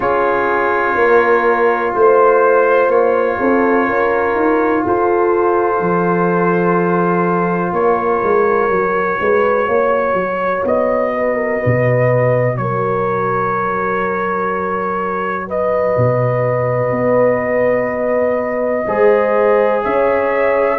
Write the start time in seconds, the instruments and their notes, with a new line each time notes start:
0.00 tuba C#4, trombone F4, horn G#4, trumpet C#5
0.95 tuba A#3, horn A#4
1.94 tuba A3, trumpet C5, horn C5
2.88 tuba A#3, trumpet C#5
3.39 tuba C4, horn A4
3.85 tuba C#4, horn A#4
4.35 tuba D#4
4.85 tuba F4, horn A4, trumpet C5
5.79 tuba F3
7.72 tuba A#3, horn A#4, trumpet C#5
8.22 tuba G#3
8.69 tuba F#3, trombone F#4
9.20 tuba G#3, horn B4
9.66 tuba A#3, horn C#5
10.13 tuba F#3
10.64 tuba B3, trumpet D#5
11.15 horn B4
11.35 horn A#4
11.59 horn B4
11.65 tuba B2
12.57 tuba F#3, horn A#4, trumpet C#5
15.47 horn B4, trumpet D#5
15.97 tuba B2
16.91 tuba B3
18.87 tuba G#3, trombone G#4, horn C5
19.84 tuba C#4, horn C#5, trumpet E5